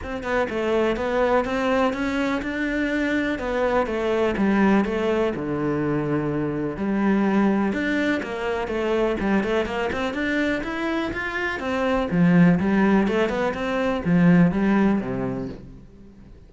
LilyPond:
\new Staff \with { instrumentName = "cello" } { \time 4/4 \tempo 4 = 124 c'8 b8 a4 b4 c'4 | cis'4 d'2 b4 | a4 g4 a4 d4~ | d2 g2 |
d'4 ais4 a4 g8 a8 | ais8 c'8 d'4 e'4 f'4 | c'4 f4 g4 a8 b8 | c'4 f4 g4 c4 | }